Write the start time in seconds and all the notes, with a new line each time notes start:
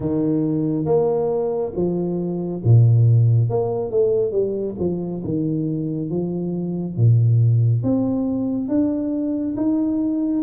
0.00 D#3
0.85 A#3
1.75 F3
2.64 A#2
3.49 A#3
3.90 A3
4.31 G3
4.79 F3
5.24 D#3
6.10 F3
6.96 A#2
7.83 C4
8.68 D4
9.56 D#4